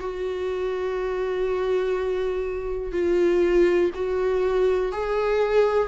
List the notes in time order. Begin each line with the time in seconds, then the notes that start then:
0.00 F#4
2.92 F4
3.95 F#4
4.92 G#4